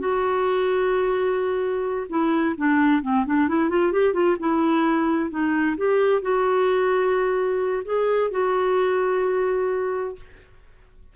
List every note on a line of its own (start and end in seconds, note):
0.00 2.08 F#4
2.10 2.56 E4
2.58 3.03 D4
3.03 3.26 C4
3.26 3.49 D4
3.49 3.70 E4
3.70 3.93 F4
3.93 4.14 G4
4.14 4.37 F4
4.40 5.31 E4
5.31 5.77 D#4
5.78 6.22 G4
6.22 7.84 F#4
7.85 8.31 G#4
8.32 10.16 F#4